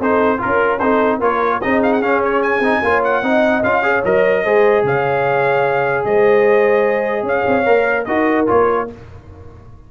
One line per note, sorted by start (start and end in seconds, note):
0.00 0.40 C4
0.00 0.38 D#4
0.00 0.40 A4
0.00 0.42 C5
0.38 0.79 F4
0.38 0.81 A#4
0.38 0.80 A#4
0.46 0.81 C#4
0.80 1.21 C4
0.80 1.21 D#4
0.80 1.19 A4
0.80 1.20 C5
1.19 1.61 A#3
1.19 1.62 F4
1.19 1.59 A#4
1.19 1.62 C#5
1.61 2.02 C4
1.61 2.03 D#4
1.61 2.82 G#4
1.61 1.82 D#5
1.83 1.93 F5
1.93 2.02 F#5
2.02 2.60 C#4
2.02 2.63 C#4
2.02 2.23 F5
2.24 2.43 C#5
2.43 3.03 G#5
2.60 2.80 C4
2.60 2.84 D#4
2.83 3.23 A#3
2.83 3.23 F4
2.83 3.24 C#5
3.04 3.64 F#5
3.23 3.63 C4
3.23 3.64 D#4
3.23 3.84 D#5
3.64 4.04 C#4
3.64 3.83 F4
3.64 4.04 F5
3.83 4.04 G#4
3.83 4.44 C#5
4.05 4.46 F#3
4.05 4.46 A#4
4.05 4.86 D#5
4.44 4.84 G#3
4.44 7.66 G#4
4.44 4.84 C5
4.84 6.05 C#3
4.84 6.07 C#5
4.84 6.05 F5
6.05 7.23 G#3
6.05 7.26 C5
6.05 7.26 D#5
7.23 7.44 C#4
7.23 8.06 C#5
7.23 8.05 F5
7.48 7.68 C4
7.66 8.08 A#3
7.66 8.06 A#4
8.05 8.48 D#4
8.05 8.47 F#4
8.05 8.87 A#4
8.05 8.46 D#5
8.47 8.92 A#3
8.47 8.88 F4
8.47 8.90 C#5